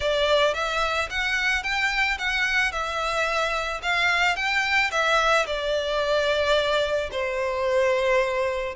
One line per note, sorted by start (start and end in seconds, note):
0.00 0.54 D5
0.54 1.08 E5
1.10 1.63 F#5
1.63 2.17 G5
2.18 2.71 F#5
2.71 3.81 E5
3.82 4.36 F5
4.36 4.90 G5
4.91 5.45 E5
5.46 7.10 D5
7.11 8.75 C5